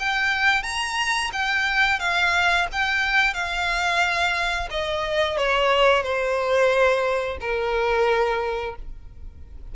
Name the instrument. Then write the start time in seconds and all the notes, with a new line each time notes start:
violin
0.00 G5
0.63 A#5
1.33 G5
2.00 F5
2.72 G5
3.34 F5
4.71 D#5
5.38 C#5
6.03 C5
7.41 A#4